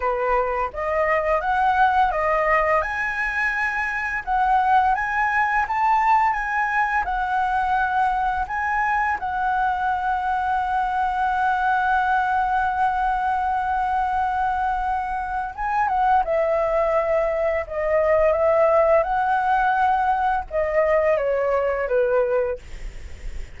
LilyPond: \new Staff \with { instrumentName = "flute" } { \time 4/4 \tempo 4 = 85 b'4 dis''4 fis''4 dis''4 | gis''2 fis''4 gis''4 | a''4 gis''4 fis''2 | gis''4 fis''2.~ |
fis''1~ | fis''2 gis''8 fis''8 e''4~ | e''4 dis''4 e''4 fis''4~ | fis''4 dis''4 cis''4 b'4 | }